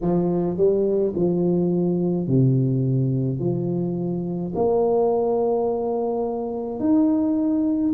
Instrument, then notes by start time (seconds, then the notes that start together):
tuba
0.01 F3
0.57 G3
1.15 F3
2.27 C3
3.39 F3
4.55 A#3
6.79 D#4